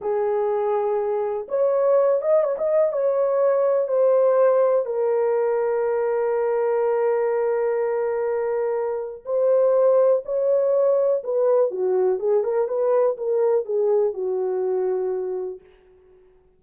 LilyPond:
\new Staff \with { instrumentName = "horn" } { \time 4/4 \tempo 4 = 123 gis'2. cis''4~ | cis''8 dis''8 cis''16 dis''8. cis''2 | c''2 ais'2~ | ais'1~ |
ais'2. c''4~ | c''4 cis''2 b'4 | fis'4 gis'8 ais'8 b'4 ais'4 | gis'4 fis'2. | }